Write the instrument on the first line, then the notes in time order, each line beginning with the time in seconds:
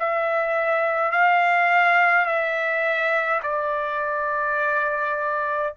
trumpet
0.00 E5
1.12 F5
2.26 E5
3.43 D5